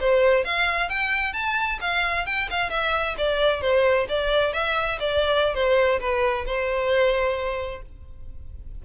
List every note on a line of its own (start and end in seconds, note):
0.00 0.45 C5
0.45 0.89 F5
0.89 1.33 G5
1.33 1.79 A5
1.81 2.26 F5
2.26 2.49 G5
2.50 2.70 F5
2.70 3.15 E5
3.18 3.61 D5
3.61 4.07 C5
4.09 4.54 D5
4.54 4.99 E5
5.00 5.54 D5
5.54 6.00 C5
6.00 6.45 B4
6.46 7.82 C5